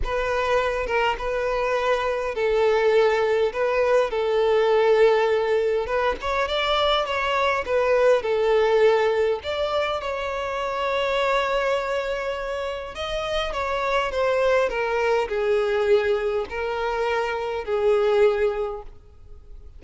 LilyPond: \new Staff \with { instrumentName = "violin" } { \time 4/4 \tempo 4 = 102 b'4. ais'8 b'2 | a'2 b'4 a'4~ | a'2 b'8 cis''8 d''4 | cis''4 b'4 a'2 |
d''4 cis''2.~ | cis''2 dis''4 cis''4 | c''4 ais'4 gis'2 | ais'2 gis'2 | }